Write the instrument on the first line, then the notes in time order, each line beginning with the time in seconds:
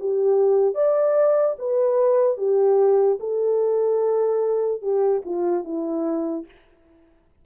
horn
0.00 G4
0.75 D5
1.59 B4
2.38 G4
3.20 A4
4.82 G4
5.25 F4
5.65 E4